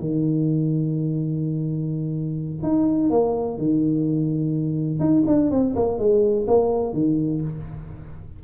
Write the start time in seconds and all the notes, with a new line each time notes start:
0.00 D#3
2.63 D#4
3.10 A#3
3.58 D#3
5.00 D#4
5.27 D4
5.51 C4
5.76 A#3
5.99 G#3
6.48 A#3
6.93 D#3